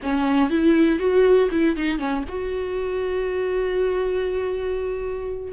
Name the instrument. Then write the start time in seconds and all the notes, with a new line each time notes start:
viola
0.02 C#4
0.50 E4
0.99 F#4
1.51 E4
1.76 D#4
1.99 C#4
2.28 F#4